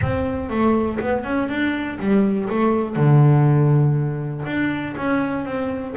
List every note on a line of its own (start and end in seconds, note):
0.01 0.49 C4
0.49 0.99 A3
1.00 1.24 B3
1.24 1.48 C#4
1.48 1.98 D4
1.99 2.48 G3
2.49 2.95 A3
2.95 4.44 D3
4.45 4.95 D4
4.96 5.45 C#4
5.45 5.95 C4